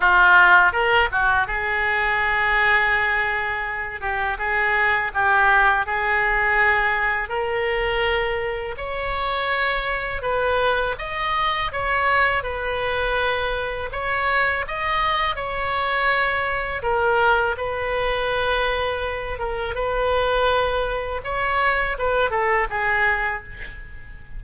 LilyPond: \new Staff \with { instrumentName = "oboe" } { \time 4/4 \tempo 4 = 82 f'4 ais'8 fis'8 gis'2~ | gis'4. g'8 gis'4 g'4 | gis'2 ais'2 | cis''2 b'4 dis''4 |
cis''4 b'2 cis''4 | dis''4 cis''2 ais'4 | b'2~ b'8 ais'8 b'4~ | b'4 cis''4 b'8 a'8 gis'4 | }